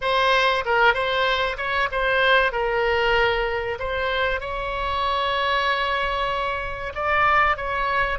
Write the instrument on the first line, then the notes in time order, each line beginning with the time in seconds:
oboe
0.01 C5
0.65 A#4
0.93 C5
1.57 C#5
1.91 C5
2.52 A#4
3.79 C5
4.40 C#5
6.94 D5
7.56 C#5